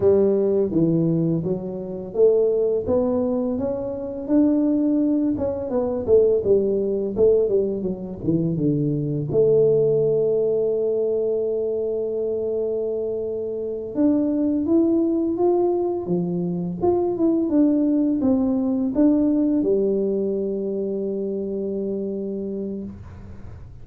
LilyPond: \new Staff \with { instrumentName = "tuba" } { \time 4/4 \tempo 4 = 84 g4 e4 fis4 a4 | b4 cis'4 d'4. cis'8 | b8 a8 g4 a8 g8 fis8 e8 | d4 a2.~ |
a2.~ a8 d'8~ | d'8 e'4 f'4 f4 f'8 | e'8 d'4 c'4 d'4 g8~ | g1 | }